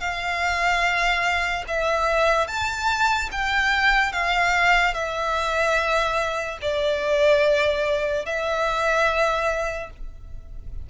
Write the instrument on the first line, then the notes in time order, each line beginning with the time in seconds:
violin
0.00 F5
1.68 E5
2.47 A5
3.31 G5
4.12 F5
4.94 E5
6.62 D5
8.26 E5